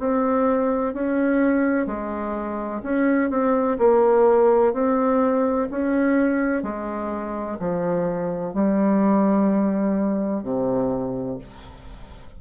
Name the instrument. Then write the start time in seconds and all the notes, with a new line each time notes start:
bassoon
0.00 C4
0.94 C#4
1.87 G#3
2.83 C#4
3.30 C4
3.78 A#3
4.74 C4
5.71 C#4
6.63 G#3
7.59 F3
8.54 G3
10.43 C3